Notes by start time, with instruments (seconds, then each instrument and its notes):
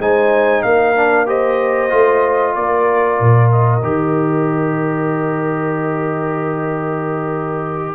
0.00 tuba G#3, trombone D#4, horn C5, trumpet G#5
0.63 tuba A#3, horn A#4, trumpet F5
0.96 trombone D4
1.27 trombone G4, horn C5, trumpet D#5
1.90 tuba A3, trombone F4
2.55 tuba A#3, horn A#4, trumpet D5
3.21 tuba A#2
3.52 trumpet D#5
3.83 tuba D#3, trombone G4